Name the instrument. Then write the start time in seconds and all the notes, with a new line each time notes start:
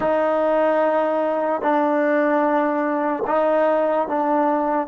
trombone
0.00 D#4
1.61 D4
3.27 D#4
4.08 D4